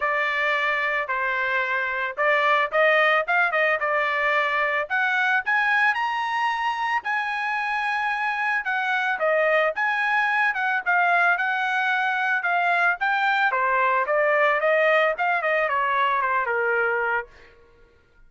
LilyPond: \new Staff \with { instrumentName = "trumpet" } { \time 4/4 \tempo 4 = 111 d''2 c''2 | d''4 dis''4 f''8 dis''8 d''4~ | d''4 fis''4 gis''4 ais''4~ | ais''4 gis''2. |
fis''4 dis''4 gis''4. fis''8 | f''4 fis''2 f''4 | g''4 c''4 d''4 dis''4 | f''8 dis''8 cis''4 c''8 ais'4. | }